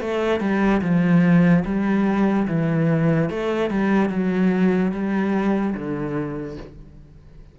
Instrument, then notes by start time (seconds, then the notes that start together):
cello
0.00 A3
0.40 G3
0.81 F3
1.64 G3
2.47 E3
3.30 A3
3.70 G3
4.09 F#3
4.92 G3
5.74 D3